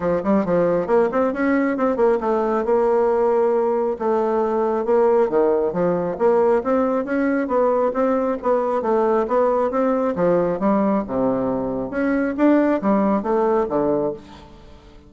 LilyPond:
\new Staff \with { instrumentName = "bassoon" } { \time 4/4 \tempo 4 = 136 f8 g8 f4 ais8 c'8 cis'4 | c'8 ais8 a4 ais2~ | ais4 a2 ais4 | dis4 f4 ais4 c'4 |
cis'4 b4 c'4 b4 | a4 b4 c'4 f4 | g4 c2 cis'4 | d'4 g4 a4 d4 | }